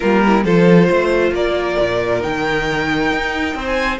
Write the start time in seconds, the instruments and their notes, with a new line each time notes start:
0.00 cello G3, viola A#3, violin F4 A#4
0.26 violin E4
0.44 cello F3, viola F4, violin A4 C5
0.89 cello A3, violin C5
1.31 cello A#3, violin A#4 D5
1.79 cello A#2
2.19 cello D#3, viola D#4, violin G5
3.11 cello D#4
3.54 cello C4, violin C5
3.66 violin G#5